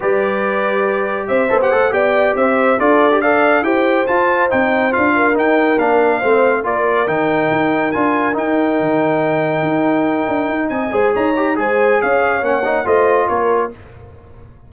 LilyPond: <<
  \new Staff \with { instrumentName = "trumpet" } { \time 4/4 \tempo 4 = 140 d''2. e''8. fis''16~ | fis''8 g''4 e''4 d''4 f''8~ | f''8 g''4 a''4 g''4 f''8~ | f''8 g''4 f''2 d''8~ |
d''8 g''2 gis''4 g''8~ | g''1~ | g''4 gis''4 ais''4 gis''4 | f''4 fis''4 dis''4 cis''4 | }
  \new Staff \with { instrumentName = "horn" } { \time 4/4 b'2. c''4~ | c''8 d''4 c''4 a'4 d''8~ | d''8 c''2.~ c''8 | ais'2~ ais'8 c''4 ais'8~ |
ais'1~ | ais'1~ | ais'4 dis''8 c''8 cis''4 c''4 | cis''2 c''4 ais'4 | }
  \new Staff \with { instrumentName = "trombone" } { \time 4/4 g'2.~ g'8 a'16 g'16 | a'8 g'2 f'8. g'16 a'8~ | a'8 g'4 f'4 dis'4 f'8~ | f'8 dis'4 d'4 c'4 f'8~ |
f'8 dis'2 f'4 dis'8~ | dis'1~ | dis'4. gis'4 g'8 gis'4~ | gis'4 cis'8 dis'8 f'2 | }
  \new Staff \with { instrumentName = "tuba" } { \time 4/4 g2. c'8 b8 | a8 b4 c'4 d'4.~ | d'8 e'4 f'4 c'4 d'8~ | d'8 dis'4 ais4 a4 ais8~ |
ais8 dis4 dis'4 d'4 dis'8~ | dis'8 dis2 dis'4. | d'8 dis'8 c'8 gis8 dis'4 gis4 | cis'4 ais4 a4 ais4 | }
>>